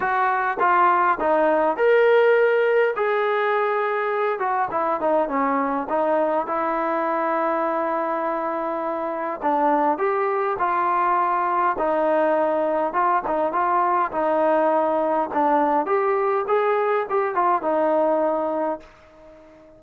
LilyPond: \new Staff \with { instrumentName = "trombone" } { \time 4/4 \tempo 4 = 102 fis'4 f'4 dis'4 ais'4~ | ais'4 gis'2~ gis'8 fis'8 | e'8 dis'8 cis'4 dis'4 e'4~ | e'1 |
d'4 g'4 f'2 | dis'2 f'8 dis'8 f'4 | dis'2 d'4 g'4 | gis'4 g'8 f'8 dis'2 | }